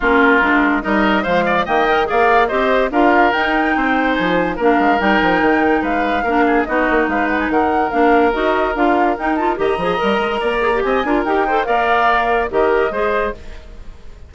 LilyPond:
<<
  \new Staff \with { instrumentName = "flute" } { \time 4/4 \tempo 4 = 144 ais'2 dis''4 f''4 | g''4 f''4 dis''4 f''4 | g''2 gis''4 f''4 | g''2 f''2 |
dis''4 f''8 fis''16 gis''16 fis''4 f''4 | dis''4 f''4 g''8 a''8 ais''4~ | ais''2 gis''4 g''4 | f''2 dis''2 | }
  \new Staff \with { instrumentName = "oboe" } { \time 4/4 f'2 ais'4 c''8 d''8 | dis''4 d''4 c''4 ais'4~ | ais'4 c''2 ais'4~ | ais'2 b'4 ais'8 gis'8 |
fis'4 b'4 ais'2~ | ais'2. dis''4~ | dis''4 d''4 dis''8 ais'4 c''8 | d''2 ais'4 c''4 | }
  \new Staff \with { instrumentName = "clarinet" } { \time 4/4 cis'4 d'4 dis'4 gis4 | ais8 ais'8 gis'4 g'4 f'4 | dis'2. d'4 | dis'2. d'4 |
dis'2. d'4 | fis'4 f'4 dis'8 f'8 g'8 gis'8 | ais'4. gis'16 g'8. f'8 g'8 a'8 | ais'2 g'4 gis'4 | }
  \new Staff \with { instrumentName = "bassoon" } { \time 4/4 ais4 gis4 g4 f4 | dis4 ais4 c'4 d'4 | dis'4 c'4 f4 ais8 gis8 | g8 f8 dis4 gis4 ais4 |
b8 ais8 gis4 dis4 ais4 | dis'4 d'4 dis'4 dis8 f8 | g8 gis8 ais4 c'8 d'8 dis'4 | ais2 dis4 gis4 | }
>>